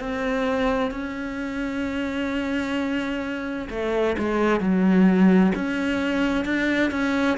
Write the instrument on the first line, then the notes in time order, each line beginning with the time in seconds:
cello
0.00 C4
0.91 C#4
3.70 A3
4.18 G#3
4.60 F#3
5.55 C#4
6.45 D4
6.91 C#4